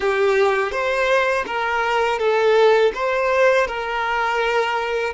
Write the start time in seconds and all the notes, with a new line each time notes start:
0.00 G4
0.71 C5
1.46 A#4
2.19 A4
2.94 C5
3.67 A#4